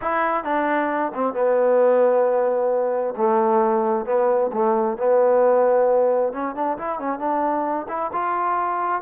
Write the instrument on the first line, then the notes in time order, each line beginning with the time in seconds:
trombone
0.01 E4
0.44 D4
1.14 C4
1.33 B3
3.17 A3
4.05 B3
4.52 A3
4.97 B3
6.32 C#4
6.55 D4
6.78 E4
6.99 C#4
7.19 D4
7.88 E4
8.12 F4